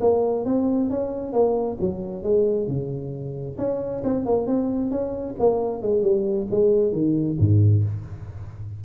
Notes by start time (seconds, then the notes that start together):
0.00 A#3
0.45 C4
0.90 C#4
1.32 A#3
1.80 F#3
2.23 G#3
2.67 C#3
3.58 C#4
4.04 C4
4.26 A#3
4.47 C4
4.90 C#4
5.39 A#3
5.81 G#3
6.02 G3
6.50 G#3
6.92 D#3
7.39 G#2